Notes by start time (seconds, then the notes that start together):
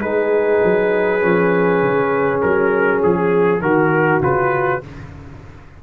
0.00 G#3 D#4 G#4 B4
0.64 F#3
1.20 F3 C#4
1.82 C#3
2.42 F#3 A#4
3.03 F3 G#4
3.62 D#3 F#4 A#4
4.21 C#3 F4 B4